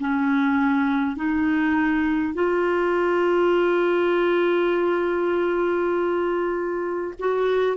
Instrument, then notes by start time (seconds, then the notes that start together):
clarinet
0.00 C#4
1.16 D#4
2.33 F4
7.19 F#4